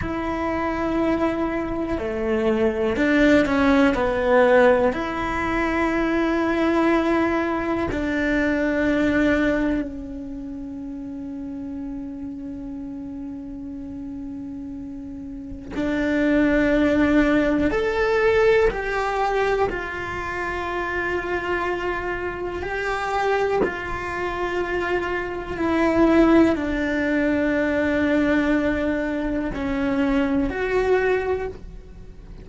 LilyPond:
\new Staff \with { instrumentName = "cello" } { \time 4/4 \tempo 4 = 61 e'2 a4 d'8 cis'8 | b4 e'2. | d'2 cis'2~ | cis'1 |
d'2 a'4 g'4 | f'2. g'4 | f'2 e'4 d'4~ | d'2 cis'4 fis'4 | }